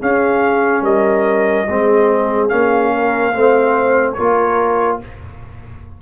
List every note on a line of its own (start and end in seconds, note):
0.00 1.67 C#4
0.00 0.82 C#4
0.00 0.82 G#4
0.00 0.84 F5
0.82 1.65 G3
0.82 1.65 A#4
0.82 2.49 D#5
1.68 2.51 G#3
1.68 2.49 C4
1.68 2.93 G#4
2.49 3.34 A#3
2.49 3.32 C#4
2.49 4.13 F5
2.93 3.34 A#4
3.33 4.17 A3
3.33 4.16 C4
3.33 4.16 C5
4.13 5.02 A#3
4.13 5.01 F4
4.13 5.00 A#4
4.13 4.97 C#5